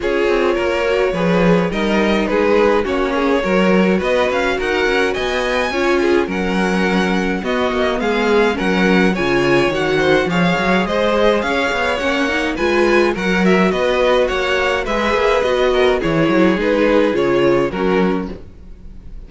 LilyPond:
<<
  \new Staff \with { instrumentName = "violin" } { \time 4/4 \tempo 4 = 105 cis''2. dis''4 | b'4 cis''2 dis''8 f''8 | fis''4 gis''2 fis''4~ | fis''4 dis''4 f''4 fis''4 |
gis''4 fis''4 f''4 dis''4 | f''4 fis''4 gis''4 fis''8 e''8 | dis''4 fis''4 e''4 dis''4 | cis''4 b'4 cis''4 ais'4 | }
  \new Staff \with { instrumentName = "violin" } { \time 4/4 gis'4 ais'4 b'4 ais'4 | gis'4 fis'8 gis'8 ais'4 b'4 | ais'4 dis''4 cis''8 gis'8 ais'4~ | ais'4 fis'4 gis'4 ais'4 |
cis''4. c''8 cis''4 c''4 | cis''2 b'4 ais'4 | b'4 cis''4 b'4. ais'8 | gis'2. fis'4 | }
  \new Staff \with { instrumentName = "viola" } { \time 4/4 f'4. fis'8 gis'4 dis'4~ | dis'4 cis'4 fis'2~ | fis'2 f'4 cis'4~ | cis'4 b2 cis'4 |
f'4 fis'4 gis'2~ | gis'4 cis'8 dis'8 f'4 fis'4~ | fis'2 gis'4 fis'4 | e'4 dis'4 f'4 cis'4 | }
  \new Staff \with { instrumentName = "cello" } { \time 4/4 cis'8 c'8 ais4 f4 g4 | gis4 ais4 fis4 b8 cis'8 | dis'8 cis'8 b4 cis'4 fis4~ | fis4 b8 ais8 gis4 fis4 |
cis4 dis4 f8 fis8 gis4 | cis'8 b8 ais4 gis4 fis4 | b4 ais4 gis8 ais8 b4 | e8 fis8 gis4 cis4 fis4 | }
>>